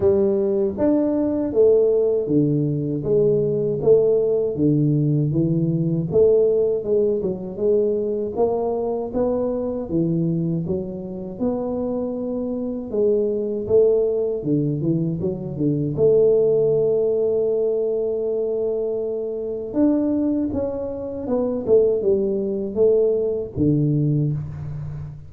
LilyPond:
\new Staff \with { instrumentName = "tuba" } { \time 4/4 \tempo 4 = 79 g4 d'4 a4 d4 | gis4 a4 d4 e4 | a4 gis8 fis8 gis4 ais4 | b4 e4 fis4 b4~ |
b4 gis4 a4 d8 e8 | fis8 d8 a2.~ | a2 d'4 cis'4 | b8 a8 g4 a4 d4 | }